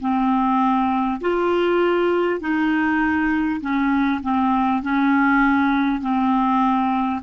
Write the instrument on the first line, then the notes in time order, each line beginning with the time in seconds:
clarinet
0.00 C4
1.20 F4
2.40 D#4
3.61 C#4
4.22 C4
4.82 C#4
6.01 C4